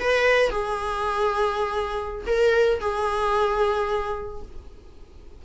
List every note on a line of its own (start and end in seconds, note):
0.00 0.50 B4
0.50 2.26 G#4
2.27 2.80 A#4
2.80 4.43 G#4